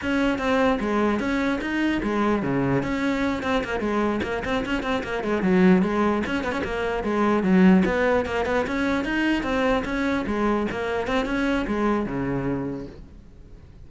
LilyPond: \new Staff \with { instrumentName = "cello" } { \time 4/4 \tempo 4 = 149 cis'4 c'4 gis4 cis'4 | dis'4 gis4 cis4 cis'4~ | cis'8 c'8 ais8 gis4 ais8 c'8 cis'8 | c'8 ais8 gis8 fis4 gis4 cis'8 |
b16 cis'16 ais4 gis4 fis4 b8~ | b8 ais8 b8 cis'4 dis'4 c'8~ | c'8 cis'4 gis4 ais4 c'8 | cis'4 gis4 cis2 | }